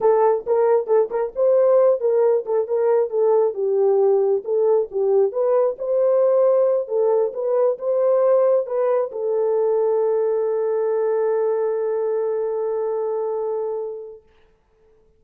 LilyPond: \new Staff \with { instrumentName = "horn" } { \time 4/4 \tempo 4 = 135 a'4 ais'4 a'8 ais'8 c''4~ | c''8 ais'4 a'8 ais'4 a'4 | g'2 a'4 g'4 | b'4 c''2~ c''8 a'8~ |
a'8 b'4 c''2 b'8~ | b'8 a'2.~ a'8~ | a'1~ | a'1 | }